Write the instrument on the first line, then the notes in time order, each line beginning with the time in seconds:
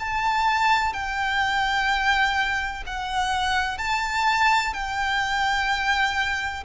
violin
0.00 A5
0.94 G5
2.87 F#5
3.78 A5
4.74 G5